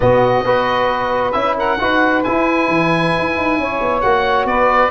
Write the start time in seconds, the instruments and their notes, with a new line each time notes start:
0.00 tuba B2, trombone B3, saxophone F#4, oboe D#5
0.44 tuba B3, trombone F#4, saxophone B4
1.32 tuba C#4, trombone E4, oboe E5
1.57 saxophone A#4, oboe F#5
1.79 tuba D#4, trombone F#4, saxophone B4
2.23 trombone E4, tuba E4, oboe G#5
2.68 tuba E3
3.18 tuba E4
3.37 tuba D#4
3.58 tuba C#4, saxophone C#5
3.81 tuba B3
4.01 tuba A#3, trombone F#4, oboe F#5
4.45 tuba B3, saxophone B4, oboe D5